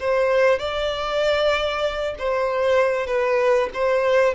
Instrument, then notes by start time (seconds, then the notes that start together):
violin
0.00 C5
0.59 D5
2.19 C5
3.07 B4
3.74 C5